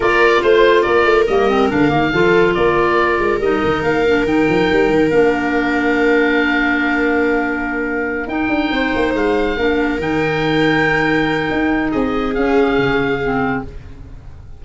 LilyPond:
<<
  \new Staff \with { instrumentName = "oboe" } { \time 4/4 \tempo 4 = 141 d''4 c''4 d''4 dis''4 | f''2 d''2 | dis''4 f''4 g''2 | f''1~ |
f''2.~ f''8 g''8~ | g''4. f''2 g''8~ | g''1 | dis''4 f''2. | }
  \new Staff \with { instrumentName = "viola" } { \time 4/4 ais'4 c''4 ais'2~ | ais'4 a'4 ais'2~ | ais'1~ | ais'1~ |
ais'1~ | ais'8 c''2 ais'4.~ | ais'1 | gis'1 | }
  \new Staff \with { instrumentName = "clarinet" } { \time 4/4 f'2. ais8 c'8 | d'8 ais8 f'2. | dis'4. d'8 dis'2 | d'1~ |
d'2.~ d'8 dis'8~ | dis'2~ dis'8 d'4 dis'8~ | dis'1~ | dis'4 cis'2 c'4 | }
  \new Staff \with { instrumentName = "tuba" } { \time 4/4 ais4 a4 ais8 a8 g4 | d8 dis8 f4 ais4. gis8 | g8 dis8 ais4 dis8 f8 g8 dis8 | ais1~ |
ais2.~ ais8 dis'8 | d'8 c'8 ais8 gis4 ais4 dis8~ | dis2. dis'4 | c'4 cis'4 cis2 | }
>>